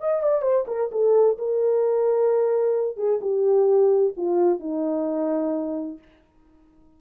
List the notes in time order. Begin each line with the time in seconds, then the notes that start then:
0.00 D#5
0.23 D5
0.42 C5
0.67 A#4
0.92 A4
1.38 A#4
2.97 G#4
3.21 G4
4.17 F4
4.60 D#4